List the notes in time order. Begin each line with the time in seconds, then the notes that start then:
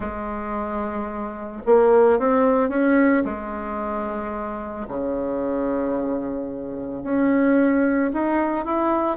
0.00 G#3
1.65 A#3
2.19 C4
2.69 C#4
3.24 G#3
4.87 C#3
7.03 C#4
8.13 D#4
8.65 E4